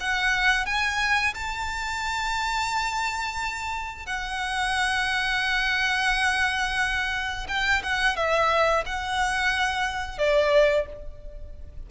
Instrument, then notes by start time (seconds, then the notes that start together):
violin
0.00 F#5
0.65 G#5
1.34 A5
4.06 F#5
7.48 G5
7.83 F#5
8.16 E5
8.85 F#5
10.18 D5